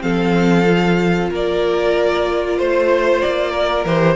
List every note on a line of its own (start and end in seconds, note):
0.00 1.30 F3
0.00 0.64 C4
0.00 1.30 A4
0.00 1.30 F5
0.65 3.85 F4
1.30 2.58 A#3
1.30 2.56 A#4
1.30 2.59 D5
2.56 3.22 A3
2.56 3.51 C5
2.56 3.21 C5
3.21 3.85 A#3
3.21 3.85 D5
3.51 4.15 A#4
3.85 4.15 E3
3.85 4.15 G4
3.85 4.15 C5